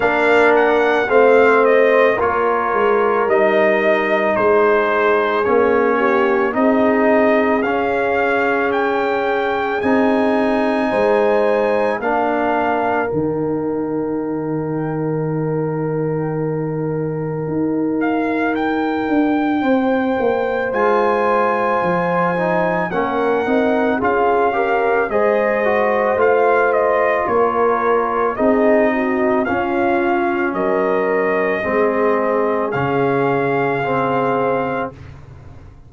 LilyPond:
<<
  \new Staff \with { instrumentName = "trumpet" } { \time 4/4 \tempo 4 = 55 f''8 fis''8 f''8 dis''8 cis''4 dis''4 | c''4 cis''4 dis''4 f''4 | g''4 gis''2 f''4 | g''1~ |
g''8 f''8 g''2 gis''4~ | gis''4 fis''4 f''4 dis''4 | f''8 dis''8 cis''4 dis''4 f''4 | dis''2 f''2 | }
  \new Staff \with { instrumentName = "horn" } { \time 4/4 ais'4 c''4 ais'2 | gis'4. g'8 gis'2~ | gis'2 c''4 ais'4~ | ais'1~ |
ais'2 c''2~ | c''4 ais'4 gis'8 ais'8 c''4~ | c''4 ais'4 gis'8 fis'8 f'4 | ais'4 gis'2. | }
  \new Staff \with { instrumentName = "trombone" } { \time 4/4 d'4 c'4 f'4 dis'4~ | dis'4 cis'4 dis'4 cis'4~ | cis'4 dis'2 d'4 | dis'1~ |
dis'2. f'4~ | f'8 dis'8 cis'8 dis'8 f'8 g'8 gis'8 fis'8 | f'2 dis'4 cis'4~ | cis'4 c'4 cis'4 c'4 | }
  \new Staff \with { instrumentName = "tuba" } { \time 4/4 ais4 a4 ais8 gis8 g4 | gis4 ais4 c'4 cis'4~ | cis'4 c'4 gis4 ais4 | dis1 |
dis'4. d'8 c'8 ais8 gis4 | f4 ais8 c'8 cis'4 gis4 | a4 ais4 c'4 cis'4 | fis4 gis4 cis2 | }
>>